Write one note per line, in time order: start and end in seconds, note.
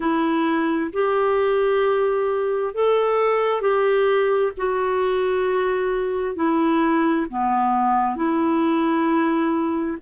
0.00 0.91 E4
0.93 2.74 G4
2.74 3.61 A4
3.61 4.52 G4
4.57 6.35 F#4
6.35 7.26 E4
7.29 8.16 B3
8.16 9.98 E4